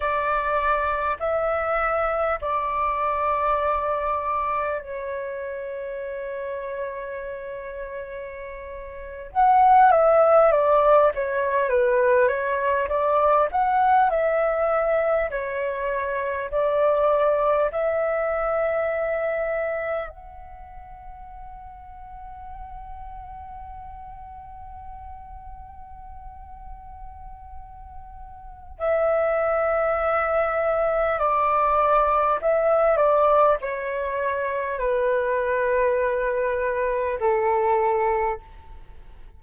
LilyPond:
\new Staff \with { instrumentName = "flute" } { \time 4/4 \tempo 4 = 50 d''4 e''4 d''2 | cis''2.~ cis''8. fis''16~ | fis''16 e''8 d''8 cis''8 b'8 cis''8 d''8 fis''8 e''16~ | e''8. cis''4 d''4 e''4~ e''16~ |
e''8. fis''2.~ fis''16~ | fis''1 | e''2 d''4 e''8 d''8 | cis''4 b'2 a'4 | }